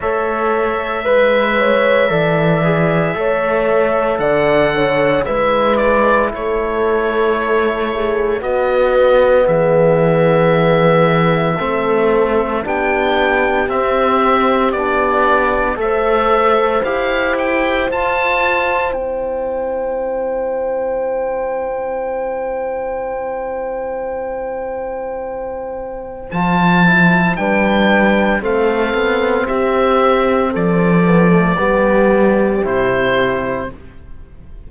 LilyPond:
<<
  \new Staff \with { instrumentName = "oboe" } { \time 4/4 \tempo 4 = 57 e''1 | fis''4 e''8 d''8 cis''2 | dis''4 e''2. | g''4 e''4 d''4 e''4 |
f''8 g''8 a''4 g''2~ | g''1~ | g''4 a''4 g''4 f''4 | e''4 d''2 c''4 | }
  \new Staff \with { instrumentName = "horn" } { \time 4/4 cis''4 b'8 cis''8 d''4 cis''4 | d''8 cis''8 b'4 a'4. gis'8 | fis'4 gis'2 a'4 | g'2. c''4~ |
c''1~ | c''1~ | c''2 b'4 a'4 | g'4 a'4 g'2 | }
  \new Staff \with { instrumentName = "trombone" } { \time 4/4 a'4 b'4 a'8 gis'8 a'4~ | a'4 e'2. | b2. c'4 | d'4 c'4 d'4 a'4 |
g'4 f'4 e'2~ | e'1~ | e'4 f'8 e'8 d'4 c'4~ | c'4. b16 a16 b4 e'4 | }
  \new Staff \with { instrumentName = "cello" } { \time 4/4 a4 gis4 e4 a4 | d4 gis4 a2 | b4 e2 a4 | b4 c'4 b4 a4 |
e'4 f'4 c'2~ | c'1~ | c'4 f4 g4 a8 b8 | c'4 f4 g4 c4 | }
>>